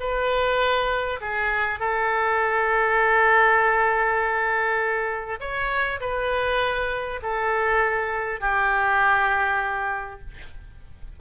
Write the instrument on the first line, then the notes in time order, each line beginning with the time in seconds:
oboe
0.00 B4
1.21 G#4
1.79 A4
5.40 C#5
6.00 B4
7.22 A4
8.40 G4